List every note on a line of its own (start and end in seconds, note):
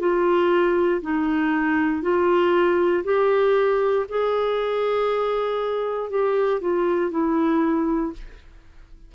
0.00 1.02 F4
1.02 2.02 D#4
2.02 3.04 F4
3.05 4.06 G4
4.09 6.10 G#4
6.10 6.61 G4
6.61 7.11 F4
7.11 8.13 E4